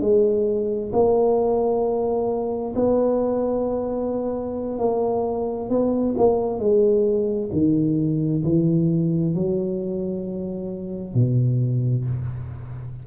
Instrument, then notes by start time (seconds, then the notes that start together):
tuba
0.00 G#3
0.92 A#3
2.75 B3
4.79 A#3
5.69 B3
6.17 A#3
6.59 G#3
7.52 D#3
8.44 E3
9.34 F#3
11.14 B2